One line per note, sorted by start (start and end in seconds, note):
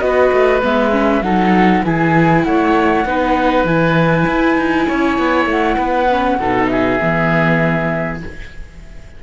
0.00 0.31 B3
0.00 0.61 F#4
0.00 1.25 B4
0.00 0.61 D#5
0.33 0.63 A3
0.63 1.22 G#3
0.63 0.92 B3
0.63 1.23 E5
0.92 1.22 C#4
1.22 1.82 F#3
1.22 1.85 D#4
1.22 1.85 A4
1.22 1.83 F#5
1.85 2.46 E3
1.85 3.06 E4
1.85 2.47 G#4
1.85 2.44 G#5
2.44 3.05 A3
2.44 3.08 C#5
2.44 3.66 F#5
3.05 3.65 B3
3.05 3.67 D#4
3.05 4.88 B4
3.65 4.25 E3
3.65 6.10 E4
3.65 5.49 G#5
4.27 4.57 E4
4.57 4.87 D#4
4.88 5.18 C#4
4.88 5.77 C#5
5.18 5.46 B3
5.46 5.76 A3
5.46 6.67 F#5
5.77 6.39 B3
5.77 6.38 B4
6.10 6.40 C#4
6.39 6.99 B2
6.39 6.99 D#4
6.39 6.71 A4
6.67 8.23 G#4
6.67 8.18 E5
6.99 8.23 E3
6.99 8.21 B3